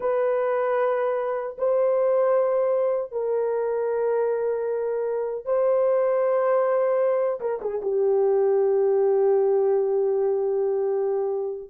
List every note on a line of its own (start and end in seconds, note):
0.00 1.56 B4
1.58 3.11 C5
3.11 5.45 A#4
5.45 7.40 C5
7.40 7.59 A#4
7.61 7.81 G#4
7.81 11.70 G4